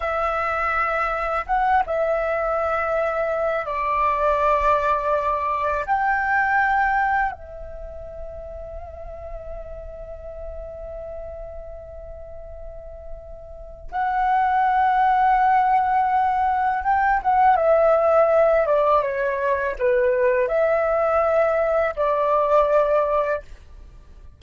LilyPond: \new Staff \with { instrumentName = "flute" } { \time 4/4 \tempo 4 = 82 e''2 fis''8 e''4.~ | e''4 d''2. | g''2 e''2~ | e''1~ |
e''2. fis''4~ | fis''2. g''8 fis''8 | e''4. d''8 cis''4 b'4 | e''2 d''2 | }